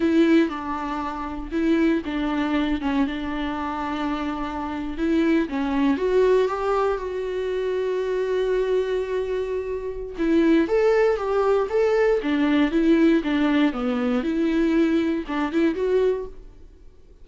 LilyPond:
\new Staff \with { instrumentName = "viola" } { \time 4/4 \tempo 4 = 118 e'4 d'2 e'4 | d'4. cis'8 d'2~ | d'4.~ d'16 e'4 cis'4 fis'16~ | fis'8. g'4 fis'2~ fis'16~ |
fis'1 | e'4 a'4 g'4 a'4 | d'4 e'4 d'4 b4 | e'2 d'8 e'8 fis'4 | }